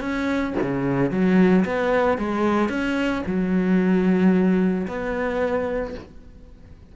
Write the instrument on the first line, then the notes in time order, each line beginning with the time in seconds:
cello
0.00 C#4
0.61 C#3
1.11 F#3
1.65 B3
2.18 G#3
2.69 C#4
3.26 F#3
4.87 B3